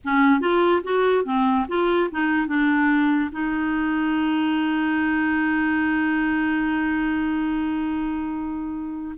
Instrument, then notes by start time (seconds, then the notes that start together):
clarinet
0.04 C#4
0.40 F4
0.83 F#4
1.25 C4
1.68 F4
2.11 D#4
2.47 D4
3.31 D#4